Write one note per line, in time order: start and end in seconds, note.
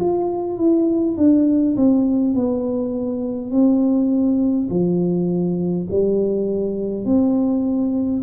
0.00 0.57 F4
0.57 1.16 E4
1.17 1.76 D4
1.76 2.35 C4
2.35 3.51 B3
3.51 4.68 C4
4.70 5.87 F3
5.90 7.05 G3
7.05 8.22 C4